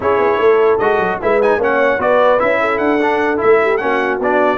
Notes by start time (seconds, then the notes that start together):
0.00 C#4 E4 G#4 C#5
0.18 B3
0.38 A3 A4
0.78 G#3 F#4 D#5
0.98 F#3
1.21 G#3 E4 B4 E5
1.41 D#4 G#5
1.57 A#3 C#4 C#5
1.63 F#5
1.99 B3 F#4 B4 D5
2.38 C#4 E4 E5
2.60 A4
2.77 D4 F#5
3.02 D4
3.37 A3 E4 E5
3.62 G4
3.77 A#3 C#4 F#5
3.83 F#4
4.19 B3 D4 D5